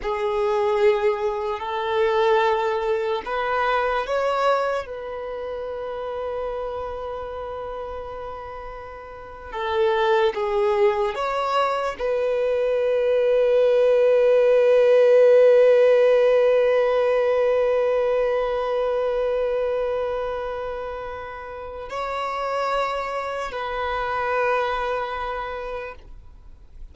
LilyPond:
\new Staff \with { instrumentName = "violin" } { \time 4/4 \tempo 4 = 74 gis'2 a'2 | b'4 cis''4 b'2~ | b'2.~ b'8. a'16~ | a'8. gis'4 cis''4 b'4~ b'16~ |
b'1~ | b'1~ | b'2. cis''4~ | cis''4 b'2. | }